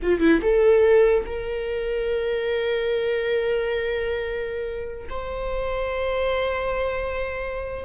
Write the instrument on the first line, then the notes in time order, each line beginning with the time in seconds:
viola
0.02 F4
0.19 E4
0.41 A4
1.25 A#4
5.09 C5